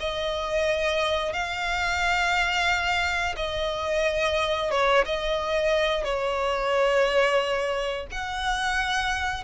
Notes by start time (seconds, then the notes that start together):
0.00 D#5
1.33 F5
3.36 D#5
4.71 C#5
5.06 D#5
6.05 C#5
8.11 F#5